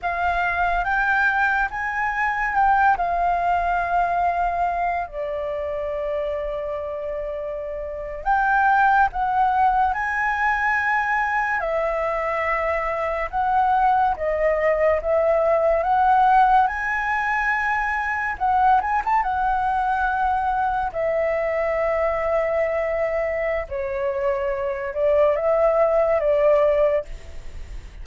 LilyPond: \new Staff \with { instrumentName = "flute" } { \time 4/4 \tempo 4 = 71 f''4 g''4 gis''4 g''8 f''8~ | f''2 d''2~ | d''4.~ d''16 g''4 fis''4 gis''16~ | gis''4.~ gis''16 e''2 fis''16~ |
fis''8. dis''4 e''4 fis''4 gis''16~ | gis''4.~ gis''16 fis''8 gis''16 a''16 fis''4~ fis''16~ | fis''8. e''2.~ e''16 | cis''4. d''8 e''4 d''4 | }